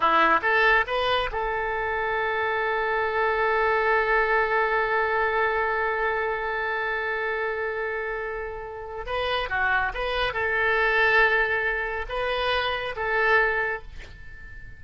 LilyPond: \new Staff \with { instrumentName = "oboe" } { \time 4/4 \tempo 4 = 139 e'4 a'4 b'4 a'4~ | a'1~ | a'1~ | a'1~ |
a'1~ | a'4 b'4 fis'4 b'4 | a'1 | b'2 a'2 | }